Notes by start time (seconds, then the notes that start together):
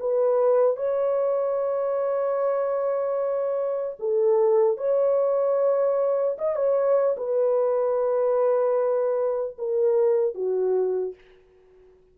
0.00 B4
0.77 C#5
4.00 A4
4.78 C#5
6.39 D#5
6.56 C#5
7.17 B4
9.59 A#4
10.35 F#4